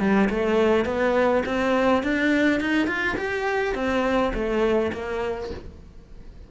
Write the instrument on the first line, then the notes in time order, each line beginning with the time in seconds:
cello
0.00 G3
0.30 A3
0.86 B3
1.46 C4
2.03 D4
2.61 D#4
2.88 F4
3.18 G4
3.75 C4
4.34 A3
4.93 A#3